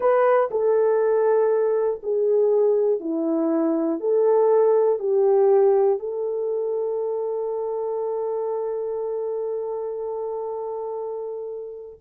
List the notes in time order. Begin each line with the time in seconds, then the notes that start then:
0.00 B4
0.50 A4
2.03 G#4
3.00 E4
4.00 A4
4.99 G4
5.99 A4